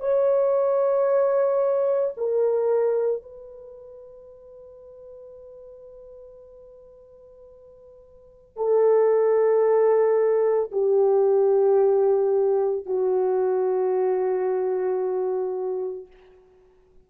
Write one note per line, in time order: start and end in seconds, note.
0.00 2.14 C#5
2.17 3.22 A#4
3.22 8.57 B4
8.57 10.71 A4
10.72 12.86 G4
12.86 16.07 F#4